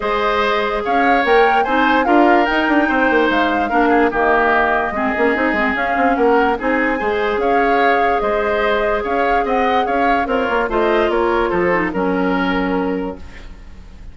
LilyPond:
<<
  \new Staff \with { instrumentName = "flute" } { \time 4/4 \tempo 4 = 146 dis''2 f''4 g''4 | gis''4 f''4 g''2 | f''2 dis''2~ | dis''2 f''4 fis''4 |
gis''2 f''2 | dis''2 f''4 fis''4 | f''4 cis''4 dis''4 cis''4 | c''4 ais'2. | }
  \new Staff \with { instrumentName = "oboe" } { \time 4/4 c''2 cis''2 | c''4 ais'2 c''4~ | c''4 ais'8 gis'8 g'2 | gis'2. ais'4 |
gis'4 c''4 cis''2 | c''2 cis''4 dis''4 | cis''4 f'4 c''4 ais'4 | a'4 ais'2. | }
  \new Staff \with { instrumentName = "clarinet" } { \time 4/4 gis'2. ais'4 | dis'4 f'4 dis'2~ | dis'4 d'4 ais2 | c'8 cis'8 dis'8 c'8 cis'2 |
dis'4 gis'2.~ | gis'1~ | gis'4 ais'4 f'2~ | f'8 dis'8 cis'2. | }
  \new Staff \with { instrumentName = "bassoon" } { \time 4/4 gis2 cis'4 ais4 | c'4 d'4 dis'8 d'8 c'8 ais8 | gis4 ais4 dis2 | gis8 ais8 c'8 gis8 cis'8 c'8 ais4 |
c'4 gis4 cis'2 | gis2 cis'4 c'4 | cis'4 c'8 ais8 a4 ais4 | f4 fis2. | }
>>